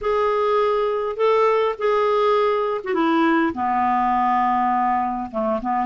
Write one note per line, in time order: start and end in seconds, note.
0.01 1.16 G#4
1.16 1.75 A4
1.78 2.81 G#4
2.83 2.94 F#4
2.94 3.53 E4
3.54 5.30 B3
5.31 5.60 A3
5.61 5.86 B3